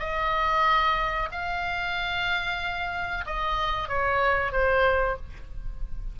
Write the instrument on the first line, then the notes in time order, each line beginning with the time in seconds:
oboe
0.00 D#5
1.32 F5
3.26 D#5
3.89 C#5
4.52 C5